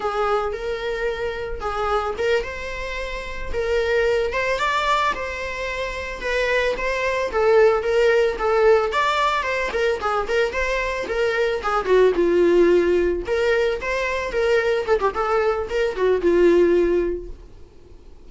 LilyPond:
\new Staff \with { instrumentName = "viola" } { \time 4/4 \tempo 4 = 111 gis'4 ais'2 gis'4 | ais'8 c''2 ais'4. | c''8 d''4 c''2 b'8~ | b'8 c''4 a'4 ais'4 a'8~ |
a'8 d''4 c''8 ais'8 gis'8 ais'8 c''8~ | c''8 ais'4 gis'8 fis'8 f'4.~ | f'8 ais'4 c''4 ais'4 a'16 g'16 | a'4 ais'8 fis'8 f'2 | }